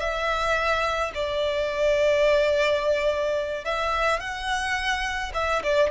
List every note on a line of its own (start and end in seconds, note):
0.00 1.12 E5
1.15 3.65 D5
3.65 4.20 E5
4.20 5.32 F#5
5.34 5.63 E5
5.64 5.91 D5